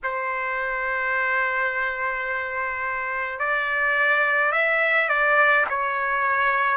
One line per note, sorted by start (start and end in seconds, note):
0.03 3.39 C5
3.39 4.52 D5
4.52 5.08 E5
5.08 5.65 D5
5.69 6.77 C#5